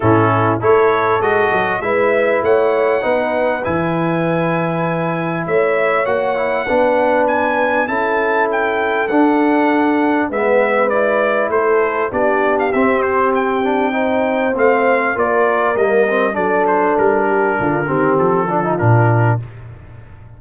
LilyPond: <<
  \new Staff \with { instrumentName = "trumpet" } { \time 4/4 \tempo 4 = 99 a'4 cis''4 dis''4 e''4 | fis''2 gis''2~ | gis''4 e''4 fis''2 | gis''4 a''4 g''4 fis''4~ |
fis''4 e''4 d''4 c''4 | d''8. f''16 e''8 c''8 g''2 | f''4 d''4 dis''4 d''8 c''8 | ais'2 a'4 ais'4 | }
  \new Staff \with { instrumentName = "horn" } { \time 4/4 e'4 a'2 b'4 | cis''4 b'2.~ | b'4 cis''2 b'4~ | b'4 a'2.~ |
a'4 b'2 a'4 | g'2. c''4~ | c''4 ais'2 a'4~ | a'8 g'8 f'8 g'4 f'4. | }
  \new Staff \with { instrumentName = "trombone" } { \time 4/4 cis'4 e'4 fis'4 e'4~ | e'4 dis'4 e'2~ | e'2 fis'8 e'8 d'4~ | d'4 e'2 d'4~ |
d'4 b4 e'2 | d'4 c'4. d'8 dis'4 | c'4 f'4 ais8 c'8 d'4~ | d'4. c'4 d'16 dis'16 d'4 | }
  \new Staff \with { instrumentName = "tuba" } { \time 4/4 a,4 a4 gis8 fis8 gis4 | a4 b4 e2~ | e4 a4 ais4 b4~ | b4 cis'2 d'4~ |
d'4 gis2 a4 | b4 c'2. | a4 ais4 g4 fis4 | g4 d8 dis8 f4 ais,4 | }
>>